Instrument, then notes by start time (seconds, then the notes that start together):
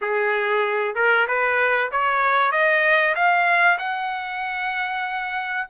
trumpet
0.01 G#4
0.95 A#4
1.27 B4
1.91 C#5
2.51 D#5
3.15 F5
3.78 F#5